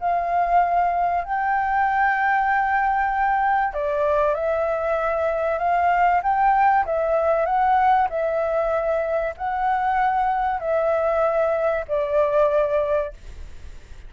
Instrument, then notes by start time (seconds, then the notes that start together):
flute
0.00 F5
1.24 G5
3.73 D5
4.34 E5
5.59 F5
6.23 G5
6.85 E5
7.45 F#5
8.09 E5
9.37 F#5
10.60 E5
11.88 D5